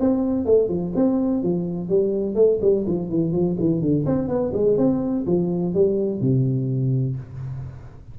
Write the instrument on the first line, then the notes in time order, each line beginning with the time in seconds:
tuba
0.00 C4
0.46 A3
0.69 F3
0.96 C4
1.43 F3
1.89 G3
2.36 A3
2.62 G3
2.87 F3
3.10 E3
3.33 F3
3.60 E3
3.82 D3
4.06 C4
4.29 B3
4.54 G#3
4.78 C4
5.27 F3
5.74 G3
6.21 C3